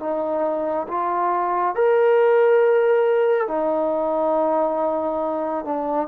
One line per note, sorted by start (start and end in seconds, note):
0.00 0.87 D#4
0.89 1.75 F4
1.75 3.48 A#4
3.48 5.65 D#4
5.65 6.08 D4